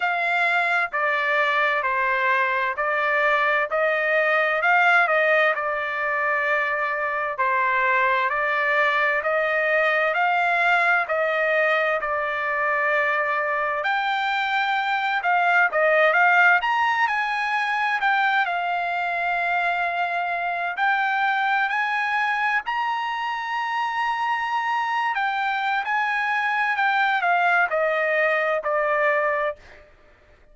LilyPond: \new Staff \with { instrumentName = "trumpet" } { \time 4/4 \tempo 4 = 65 f''4 d''4 c''4 d''4 | dis''4 f''8 dis''8 d''2 | c''4 d''4 dis''4 f''4 | dis''4 d''2 g''4~ |
g''8 f''8 dis''8 f''8 ais''8 gis''4 g''8 | f''2~ f''8 g''4 gis''8~ | gis''8 ais''2~ ais''8. g''8. | gis''4 g''8 f''8 dis''4 d''4 | }